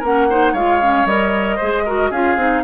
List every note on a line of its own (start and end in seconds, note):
0.00 0.54 A#3
0.00 0.31 C#4
0.00 0.26 A#4
0.00 0.55 F#5
0.30 0.57 D#4
0.30 0.53 C5
0.53 1.06 G#3
0.53 0.82 F4
0.53 1.57 C#5
0.53 1.07 F5
0.82 1.08 C#4
1.06 1.58 G3
1.06 1.60 A#4
1.06 2.12 D#5
1.57 2.11 G#3
1.57 1.87 G#4
1.57 1.83 C5
1.86 2.13 F#4
1.86 2.11 A#4
2.11 2.37 C#4
2.11 2.38 F4
2.11 2.63 G#4
2.11 2.65 F5
2.37 2.63 C4
2.37 2.65 D#4